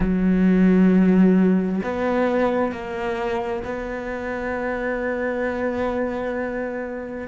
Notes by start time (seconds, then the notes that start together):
0.00 F#3
1.83 B3
2.71 A#3
3.64 B3